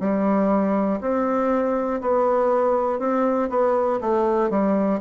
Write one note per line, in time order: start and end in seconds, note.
0.00 1.00 G3
1.00 2.00 C4
2.01 3.00 B3
3.00 3.50 C4
3.50 4.00 B3
4.00 4.50 A3
4.50 5.00 G3